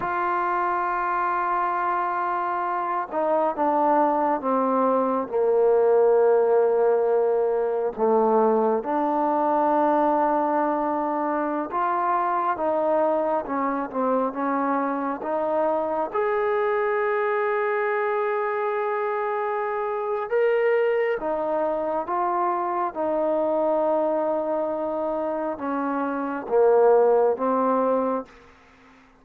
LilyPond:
\new Staff \with { instrumentName = "trombone" } { \time 4/4 \tempo 4 = 68 f'2.~ f'8 dis'8 | d'4 c'4 ais2~ | ais4 a4 d'2~ | d'4~ d'16 f'4 dis'4 cis'8 c'16~ |
c'16 cis'4 dis'4 gis'4.~ gis'16~ | gis'2. ais'4 | dis'4 f'4 dis'2~ | dis'4 cis'4 ais4 c'4 | }